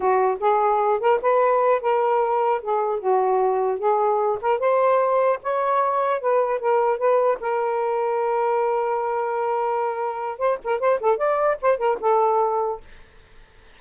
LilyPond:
\new Staff \with { instrumentName = "saxophone" } { \time 4/4 \tempo 4 = 150 fis'4 gis'4. ais'8 b'4~ | b'8 ais'2 gis'4 fis'8~ | fis'4. gis'4. ais'8 c''8~ | c''4. cis''2 b'8~ |
b'8 ais'4 b'4 ais'4.~ | ais'1~ | ais'2 c''8 ais'8 c''8 a'8 | d''4 c''8 ais'8 a'2 | }